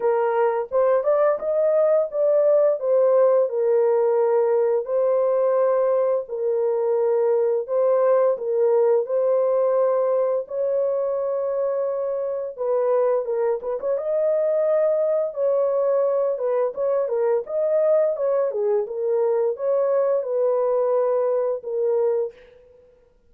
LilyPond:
\new Staff \with { instrumentName = "horn" } { \time 4/4 \tempo 4 = 86 ais'4 c''8 d''8 dis''4 d''4 | c''4 ais'2 c''4~ | c''4 ais'2 c''4 | ais'4 c''2 cis''4~ |
cis''2 b'4 ais'8 b'16 cis''16 | dis''2 cis''4. b'8 | cis''8 ais'8 dis''4 cis''8 gis'8 ais'4 | cis''4 b'2 ais'4 | }